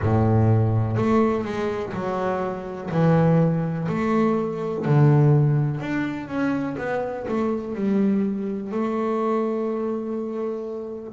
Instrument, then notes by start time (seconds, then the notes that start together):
double bass
0.01 A2
0.96 A3
1.44 G#3
1.93 F#3
2.90 E3
3.88 A3
4.85 D3
5.80 D4
6.27 C#4
6.77 B3
7.28 A3
7.74 G3
8.71 A3